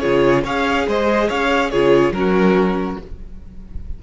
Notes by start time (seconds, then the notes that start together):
0.00 C#3 F4 G#4 C#5
0.44 C#4 G#4 C#5 F5
0.88 G#3 C5 D#5
1.29 C#4 C#5 F5
1.70 C#3 F4 G#4 C#5
2.12 F#3 C#4 A#4
2.18 F#4